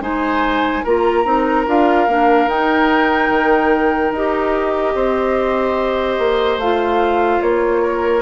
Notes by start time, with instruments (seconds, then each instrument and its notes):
0.00 bassoon G#3, clarinet D#4, oboe C5, flute G#5
0.83 bassoon A#3, clarinet F4, oboe A#4, flute A#5
1.24 bassoon C4, clarinet D#4
1.66 bassoon D4, clarinet F4, flute F5
2.07 bassoon A#3, clarinet D4
2.46 bassoon D#4, clarinet D#4, flute G5
3.29 bassoon D#3
4.11 bassoon D#4, clarinet G4, flute D#5
4.95 bassoon C4, oboe C5
6.18 bassoon A#3
6.57 bassoon A3, clarinet F4, flute F5
7.41 bassoon A#3, flute C#5
7.82 oboe A#4